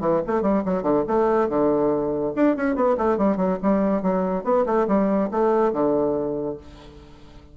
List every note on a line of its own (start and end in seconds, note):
0.00 0.21 E3
0.27 0.42 A3
0.42 0.63 G3
0.65 0.83 F#3
0.83 1.04 D3
1.07 1.48 A3
1.48 2.33 D3
2.35 2.56 D4
2.56 2.75 C#4
2.75 2.96 B3
2.97 3.17 A3
3.17 3.36 G3
3.36 3.57 F#3
3.62 4.02 G3
4.02 4.44 F#3
4.44 4.65 B3
4.66 4.87 A3
4.87 5.30 G3
5.31 5.72 A3
5.72 6.57 D3